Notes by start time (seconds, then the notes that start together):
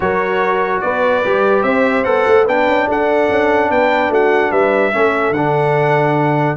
0.00 F#3 F#4 A#4 C#5
0.80 B3 B4 D5
1.24 G3 G4
1.62 C4 C5 E5
2.04 B3 A4 F#5
2.27 A3
2.44 B3 D4 B4 G5
2.66 C#4
2.87 D4 A4 F#5
3.29 C#4
3.70 B3 B4 G5
4.09 A3 F#4 F#5
4.50 G3 B4 E5
4.92 A3 C#4 A4
5.30 D3 F#5
5.36 D4